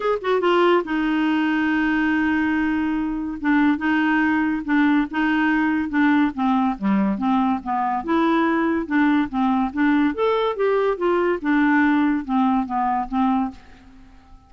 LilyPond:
\new Staff \with { instrumentName = "clarinet" } { \time 4/4 \tempo 4 = 142 gis'8 fis'8 f'4 dis'2~ | dis'1 | d'4 dis'2 d'4 | dis'2 d'4 c'4 |
g4 c'4 b4 e'4~ | e'4 d'4 c'4 d'4 | a'4 g'4 f'4 d'4~ | d'4 c'4 b4 c'4 | }